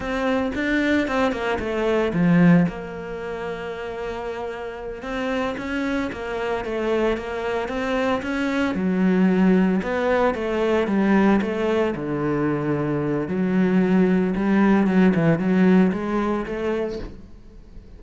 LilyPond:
\new Staff \with { instrumentName = "cello" } { \time 4/4 \tempo 4 = 113 c'4 d'4 c'8 ais8 a4 | f4 ais2.~ | ais4. c'4 cis'4 ais8~ | ais8 a4 ais4 c'4 cis'8~ |
cis'8 fis2 b4 a8~ | a8 g4 a4 d4.~ | d4 fis2 g4 | fis8 e8 fis4 gis4 a4 | }